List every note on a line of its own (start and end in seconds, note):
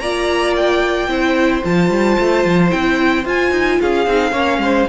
0.00 1.09 A#3
0.00 1.09 F4
0.00 1.10 D5
0.00 0.54 A#5
0.57 1.65 G5
1.09 1.63 C4
1.09 1.63 E4
1.09 3.81 C5
1.64 1.90 F3
1.64 2.70 F4
1.64 2.71 A5
1.90 2.17 G3
2.20 2.45 A3
2.45 2.72 F3
2.70 3.25 C4
2.70 3.24 E4
2.70 3.25 G5
3.25 3.52 F4
3.25 4.08 F4
3.25 3.82 G#5
3.52 3.79 D#4
3.81 4.07 C#4
3.81 4.32 G#4
3.81 4.89 F5
4.07 4.33 C4
4.07 4.33 D#4
4.32 4.59 A#3
4.32 4.87 C#4
4.32 4.59 C#5
4.59 4.86 G#3
4.59 4.89 C5